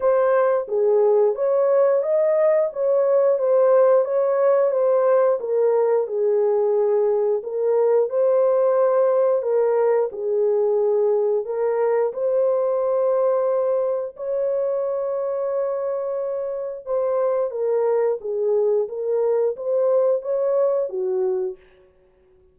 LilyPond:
\new Staff \with { instrumentName = "horn" } { \time 4/4 \tempo 4 = 89 c''4 gis'4 cis''4 dis''4 | cis''4 c''4 cis''4 c''4 | ais'4 gis'2 ais'4 | c''2 ais'4 gis'4~ |
gis'4 ais'4 c''2~ | c''4 cis''2.~ | cis''4 c''4 ais'4 gis'4 | ais'4 c''4 cis''4 fis'4 | }